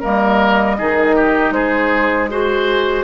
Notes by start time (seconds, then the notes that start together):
0.00 G3 A#3 A#4 D#5
0.78 D#3 D#4 G#4
1.15 G4
1.50 G#3 G#4 C5
2.29 F#4 G#4 C5